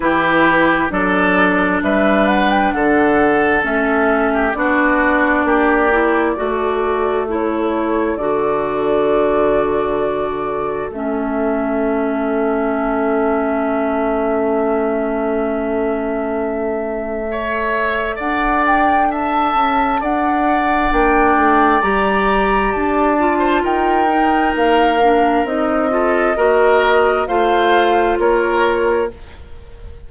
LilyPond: <<
  \new Staff \with { instrumentName = "flute" } { \time 4/4 \tempo 4 = 66 b'4 d''4 e''8 fis''16 g''16 fis''4 | e''4 d''2. | cis''4 d''2. | e''1~ |
e''1 | fis''8 g''8 a''4 fis''4 g''4 | ais''4 a''4 g''4 f''4 | dis''2 f''4 cis''4 | }
  \new Staff \with { instrumentName = "oboe" } { \time 4/4 g'4 a'4 b'4 a'4~ | a'8. g'16 fis'4 g'4 a'4~ | a'1~ | a'1~ |
a'2. cis''4 | d''4 e''4 d''2~ | d''4.~ d''16 c''16 ais'2~ | ais'8 a'8 ais'4 c''4 ais'4 | }
  \new Staff \with { instrumentName = "clarinet" } { \time 4/4 e'4 d'2. | cis'4 d'4. e'8 fis'4 | e'4 fis'2. | cis'1~ |
cis'2. a'4~ | a'2. d'4 | g'4. f'4 dis'4 d'8 | dis'8 f'8 fis'4 f'2 | }
  \new Staff \with { instrumentName = "bassoon" } { \time 4/4 e4 fis4 g4 d4 | a4 b4 ais4 a4~ | a4 d2. | a1~ |
a1 | d'4. cis'8 d'4 ais8 a8 | g4 d'4 dis'4 ais4 | c'4 ais4 a4 ais4 | }
>>